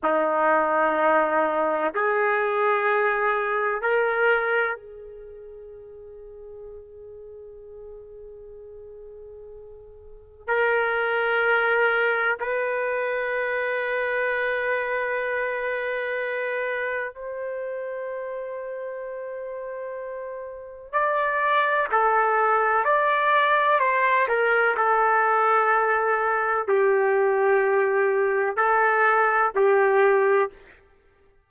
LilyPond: \new Staff \with { instrumentName = "trumpet" } { \time 4/4 \tempo 4 = 63 dis'2 gis'2 | ais'4 gis'2.~ | gis'2. ais'4~ | ais'4 b'2.~ |
b'2 c''2~ | c''2 d''4 a'4 | d''4 c''8 ais'8 a'2 | g'2 a'4 g'4 | }